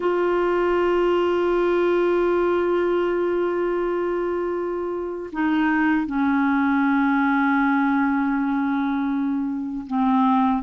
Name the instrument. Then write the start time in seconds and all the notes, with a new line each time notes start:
clarinet
0.00 F4
5.32 D#4
6.06 C#4
9.87 C4